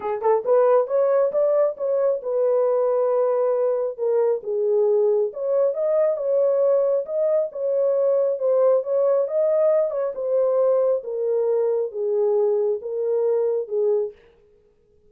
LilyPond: \new Staff \with { instrumentName = "horn" } { \time 4/4 \tempo 4 = 136 gis'8 a'8 b'4 cis''4 d''4 | cis''4 b'2.~ | b'4 ais'4 gis'2 | cis''4 dis''4 cis''2 |
dis''4 cis''2 c''4 | cis''4 dis''4. cis''8 c''4~ | c''4 ais'2 gis'4~ | gis'4 ais'2 gis'4 | }